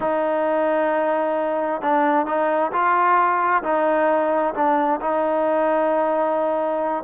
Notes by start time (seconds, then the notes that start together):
0.00 D#4
1.81 D4
2.26 D#4
2.71 F4
3.63 D#4
4.54 D4
5.01 D#4